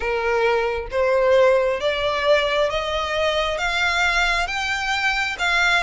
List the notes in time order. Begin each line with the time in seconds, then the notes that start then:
0.00 A#4
0.90 C5
1.80 D5
2.69 D#5
3.57 F5
4.47 G5
5.38 F5